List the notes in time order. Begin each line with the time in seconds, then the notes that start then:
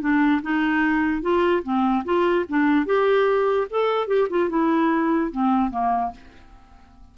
0.00 D4
0.42 D#4
1.21 F4
1.63 C4
2.04 F4
2.48 D4
2.85 G4
3.70 A4
4.07 G4
4.29 F4
4.49 E4
5.31 C4
5.70 A#3